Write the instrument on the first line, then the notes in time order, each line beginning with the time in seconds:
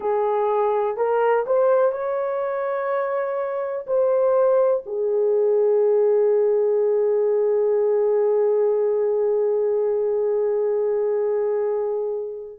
horn
0.00 G#4
0.96 A#4
1.46 C5
1.92 C#5
3.87 C5
4.86 G#4